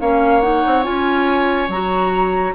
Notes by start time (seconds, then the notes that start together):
0.00 A#3 C#4 C#5 F5
0.41 D#4 F#5
0.66 C4
0.83 C#4 F4 G#5
1.68 F#3 F#4 A#5